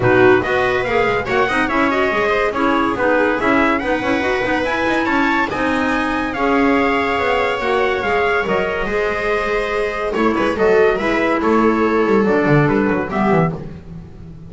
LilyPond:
<<
  \new Staff \with { instrumentName = "trumpet" } { \time 4/4 \tempo 4 = 142 b'4 dis''4 f''4 fis''4 | e''8 dis''4. cis''4 b'4 | e''4 fis''2 gis''4 | a''4 gis''2 f''4~ |
f''2 fis''4 f''4 | dis''1 | cis''4 dis''4 e''4 cis''4~ | cis''4 d''4 b'4 e''4 | }
  \new Staff \with { instrumentName = "viola" } { \time 4/4 fis'4 b'2 cis''8 dis''8 | cis''4. c''8 gis'2~ | gis'4 b'2. | cis''4 dis''2 cis''4~ |
cis''1~ | cis''4 c''2. | cis''8 b'8 a'4 b'4 a'4~ | a'2. g'4 | }
  \new Staff \with { instrumentName = "clarinet" } { \time 4/4 dis'4 fis'4 gis'4 fis'8 dis'8 | e'8 fis'8 gis'4 e'4 dis'4 | e'4 dis'8 e'8 fis'8 dis'8 e'4~ | e'4 dis'2 gis'4~ |
gis'2 fis'4 gis'4 | ais'4 gis'2. | e'4 fis'4 e'2~ | e'4 d'2 b4 | }
  \new Staff \with { instrumentName = "double bass" } { \time 4/4 b,4 b4 ais8 gis8 ais8 c'8 | cis'4 gis4 cis'4 b4 | cis'4 b8 cis'8 dis'8 b8 e'8 dis'8 | cis'4 c'2 cis'4~ |
cis'4 b4 ais4 gis4 | fis4 gis2. | a8 gis8 fis4 gis4 a4~ | a8 g8 fis8 d8 g8 fis8 g8 e8 | }
>>